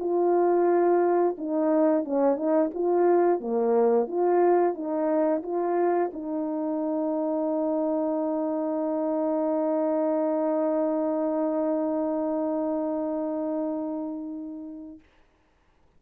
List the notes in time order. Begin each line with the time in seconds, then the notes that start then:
0.00 F4
1.38 D#4
2.05 C#4
2.36 D#4
2.75 F4
3.40 A#3
4.08 F4
4.74 D#4
5.43 F4
6.13 D#4